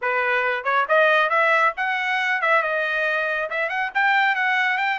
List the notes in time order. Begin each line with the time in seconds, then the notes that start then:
0.01 B4
0.64 C#5
0.88 D#5
1.29 E5
1.76 F#5
2.41 E5
2.62 D#5
3.50 E5
3.69 F#5
3.94 G5
4.35 F#5
4.77 G5